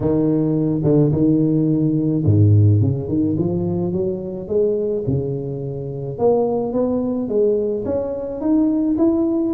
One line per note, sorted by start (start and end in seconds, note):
0.00 0.81 D#3
0.83 1.11 D3
1.12 2.24 D#3
2.25 2.81 G#2
2.81 3.08 C#3
3.08 3.36 D#3
3.37 3.92 F3
3.92 4.48 F#3
4.48 5.04 G#3
5.06 6.18 C#3
6.18 6.72 A#3
6.72 7.28 B3
7.28 7.84 G#3
7.85 8.40 C#4
8.40 8.96 D#4
8.98 9.54 E4